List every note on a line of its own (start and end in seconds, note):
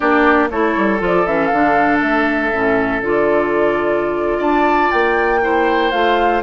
0.00 0.50 A#3
0.00 0.49 D4
0.00 0.48 G4
0.00 0.49 D5
0.50 0.76 A3
0.50 0.99 E4
0.50 4.38 A4
0.50 1.00 C#5
0.76 1.00 G3
0.99 1.26 F3
0.99 1.24 F4
1.06 1.26 D5
1.26 1.51 E3
1.26 1.52 C#4
1.26 1.46 E5
1.46 2.01 D3
1.46 1.97 F5
1.53 2.52 D4
2.01 2.52 A3
2.01 3.02 E5
2.52 3.01 A2
2.52 3.02 C#4
3.01 4.39 D3
3.01 5.41 F4
3.01 4.41 D5
4.38 4.89 D4
4.38 5.39 D5
4.38 4.91 A5
4.91 5.92 A#3
4.91 5.91 G5
5.41 5.92 E4
5.41 6.42 C5
5.91 6.42 A3
5.91 6.42 F4
5.91 6.41 F5